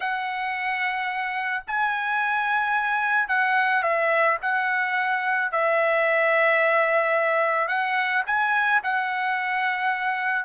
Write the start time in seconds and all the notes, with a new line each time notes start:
0.00 F#5
1.67 G#5
3.28 F#5
3.82 E5
4.42 F#5
5.51 E5
7.68 F#5
8.26 G#5
8.83 F#5